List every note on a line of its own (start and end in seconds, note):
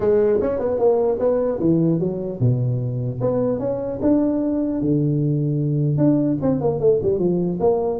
0.00 0.39 G#3
0.41 0.59 C#4
0.59 0.78 B3
0.78 1.18 A#3
1.19 1.59 B3
1.59 1.99 E3
1.99 2.39 F#3
2.39 3.19 B2
3.20 3.59 B3
3.59 3.99 C#4
4.01 4.81 D4
4.81 5.97 D3
5.97 6.37 D4
6.41 6.61 C4
6.61 6.80 A#3
6.80 7.00 A3
7.02 7.19 G3
7.19 7.59 F3
7.60 7.99 A#3